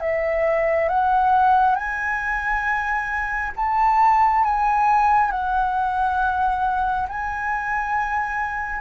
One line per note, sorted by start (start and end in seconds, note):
0.00 0.88 E5
0.89 1.75 F#5
1.75 3.52 G#5
3.56 4.44 A5
4.44 5.31 G#5
5.31 7.07 F#5
7.08 8.80 G#5